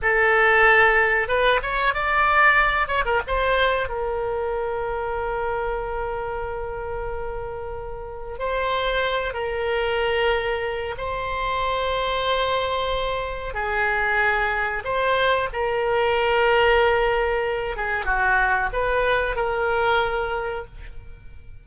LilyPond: \new Staff \with { instrumentName = "oboe" } { \time 4/4 \tempo 4 = 93 a'2 b'8 cis''8 d''4~ | d''8 cis''16 ais'16 c''4 ais'2~ | ais'1~ | ais'4 c''4. ais'4.~ |
ais'4 c''2.~ | c''4 gis'2 c''4 | ais'2.~ ais'8 gis'8 | fis'4 b'4 ais'2 | }